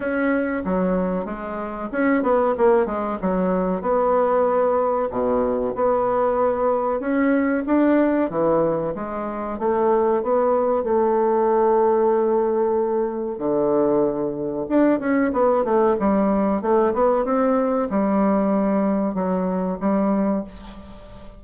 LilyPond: \new Staff \with { instrumentName = "bassoon" } { \time 4/4 \tempo 4 = 94 cis'4 fis4 gis4 cis'8 b8 | ais8 gis8 fis4 b2 | b,4 b2 cis'4 | d'4 e4 gis4 a4 |
b4 a2.~ | a4 d2 d'8 cis'8 | b8 a8 g4 a8 b8 c'4 | g2 fis4 g4 | }